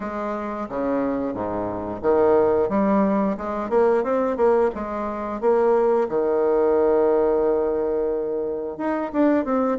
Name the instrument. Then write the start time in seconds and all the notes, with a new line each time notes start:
bassoon
0.00 G#3
0.69 C#3
1.33 G#2
2.02 D#3
2.69 G3
3.37 G#3
3.69 A#3
4.03 C4
4.36 A#3
4.74 G#3
5.40 A#3
6.09 D#3
8.77 D#4
9.12 D4
9.44 C4